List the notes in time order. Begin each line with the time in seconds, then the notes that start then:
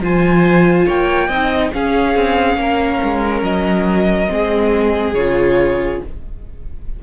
0.00 F3 F4 C5 G#5
0.86 A#3 C#5 G5
1.28 C4 D#4 D#5
1.72 C#4 G#4 F5
2.16 C4
2.56 A#3 A#4
3.03 G#3
3.42 F#3 D#5
4.27 G#3 C4 G#4
5.14 C#3 F4 C#5